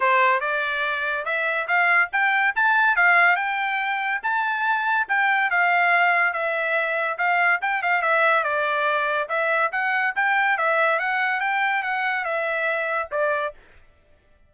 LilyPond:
\new Staff \with { instrumentName = "trumpet" } { \time 4/4 \tempo 4 = 142 c''4 d''2 e''4 | f''4 g''4 a''4 f''4 | g''2 a''2 | g''4 f''2 e''4~ |
e''4 f''4 g''8 f''8 e''4 | d''2 e''4 fis''4 | g''4 e''4 fis''4 g''4 | fis''4 e''2 d''4 | }